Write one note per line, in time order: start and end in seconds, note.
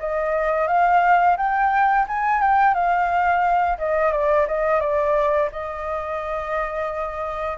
0.00 0.68 D#5
0.68 1.37 F5
1.38 2.07 G5
2.08 2.42 G#5
2.42 2.75 G5
2.75 3.78 F5
3.79 4.13 D#5
4.13 4.47 D5
4.48 4.81 D#5
4.81 5.50 D5
5.52 7.58 D#5